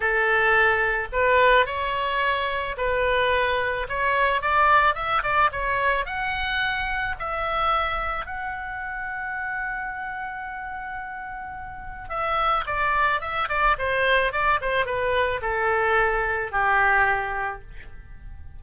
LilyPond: \new Staff \with { instrumentName = "oboe" } { \time 4/4 \tempo 4 = 109 a'2 b'4 cis''4~ | cis''4 b'2 cis''4 | d''4 e''8 d''8 cis''4 fis''4~ | fis''4 e''2 fis''4~ |
fis''1~ | fis''2 e''4 d''4 | e''8 d''8 c''4 d''8 c''8 b'4 | a'2 g'2 | }